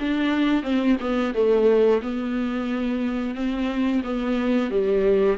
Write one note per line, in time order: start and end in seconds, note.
0.00 0.63 D4
0.63 0.97 C4
1.01 1.34 B3
1.35 2.02 A3
2.02 3.35 B3
3.35 4.03 C4
4.04 4.71 B3
4.71 5.38 G3